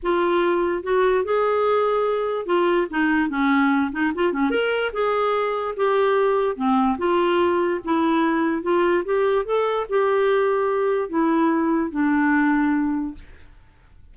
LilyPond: \new Staff \with { instrumentName = "clarinet" } { \time 4/4 \tempo 4 = 146 f'2 fis'4 gis'4~ | gis'2 f'4 dis'4 | cis'4. dis'8 f'8 cis'8 ais'4 | gis'2 g'2 |
c'4 f'2 e'4~ | e'4 f'4 g'4 a'4 | g'2. e'4~ | e'4 d'2. | }